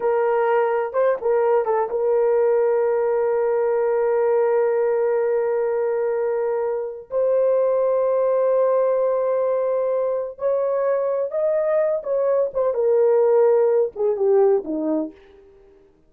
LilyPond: \new Staff \with { instrumentName = "horn" } { \time 4/4 \tempo 4 = 127 ais'2 c''8 ais'4 a'8 | ais'1~ | ais'1~ | ais'2. c''4~ |
c''1~ | c''2 cis''2 | dis''4. cis''4 c''8 ais'4~ | ais'4. gis'8 g'4 dis'4 | }